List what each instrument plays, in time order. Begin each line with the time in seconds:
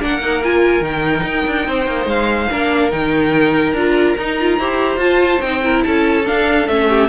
0.00 cello A#3, viola D4, violin A#4 F#5
0.21 viola D#4
0.43 viola F4, violin G#5
0.80 cello D#3, viola D#4, violin G5
1.23 cello D#4
1.47 cello D4
1.67 cello C4, violin C5
1.87 cello A#3
2.05 cello G#3, violin F5
2.50 cello A#3, viola D4, violin A#4
2.91 cello D#3, viola D#4, violin G5
3.73 cello D4, viola F4, violin A#5
4.17 cello D#4, viola D#4
4.40 viola F4
4.58 cello E4, viola G4, violin C5
4.97 cello F4, viola F4, violin A5
5.41 cello C4, viola D#4, violin G5
5.61 viola E4, violin A#4
5.83 cello C#4, violin A4 A5
6.24 viola D4, cello D4, violin F5
6.68 cello A3, viola C#4, violin E5
6.89 violin G4